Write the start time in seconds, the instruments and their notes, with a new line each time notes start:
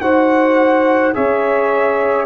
0.00 tuba D#4, trombone F#4, saxophone C5, trumpet F#5
1.13 tuba C#4, trombone G#4, saxophone C#5, trumpet E5